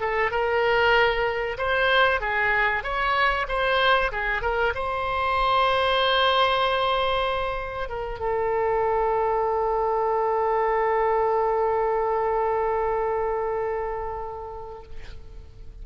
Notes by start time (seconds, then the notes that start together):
0.00 A4
0.31 A#4
1.58 C5
2.20 G#4
2.83 C#5
3.48 C5
4.11 G#4
4.42 A#4
4.74 C5
7.89 A#4
8.19 A4